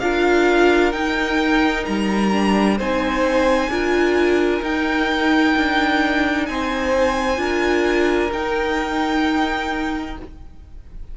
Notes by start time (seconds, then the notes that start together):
0.00 D4 F4 A#4 F5
0.92 D#4 G5
1.86 G3 A#5
2.32 D4
2.77 C4 D#4 C5 G#5
3.69 D4 F4 A#4
4.63 D#4 G5
5.56 D4
6.46 C4 C5 G#5
7.37 D4 F4 A#4
8.32 D#4 G5